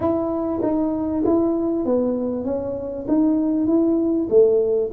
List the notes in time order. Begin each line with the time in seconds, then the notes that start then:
0.00 E4
0.62 D#4
1.25 E4
1.85 B3
2.44 C#4
3.08 D#4
3.66 E4
4.29 A3